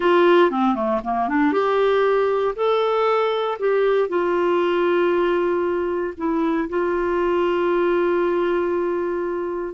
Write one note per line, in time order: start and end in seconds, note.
0.00 0.50 F4
0.50 0.75 C4
0.75 1.00 A3
1.03 1.28 A#3
1.28 1.52 D4
1.52 2.55 G4
2.55 3.58 A4
3.59 4.08 G4
4.08 6.14 F4
6.17 6.68 E4
6.69 9.74 F4